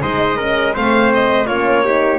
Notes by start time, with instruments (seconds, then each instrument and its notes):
0.00 double bass G#3, horn D#4, trumpet C5, violin D#5
0.37 horn C#4, trumpet A#4
0.74 double bass A3, horn C4, trumpet C5, violin F5
1.13 violin D#5
1.46 double bass A#3, horn C#4, trumpet F4, violin C#5
1.84 horn D#4, trumpet G4